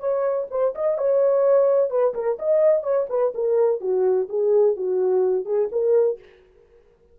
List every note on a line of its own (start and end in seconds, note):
0.00 0.47 C#5
0.51 0.75 C5
0.75 0.98 D#5
0.98 1.90 C#5
1.90 2.14 B4
2.14 2.38 A#4
2.39 2.83 D#5
2.83 3.07 C#5
3.09 3.33 B4
3.35 3.81 A#4
3.81 4.28 F#4
4.29 4.76 G#4
4.77 5.45 F#4
5.45 5.69 G#4
5.72 6.19 A#4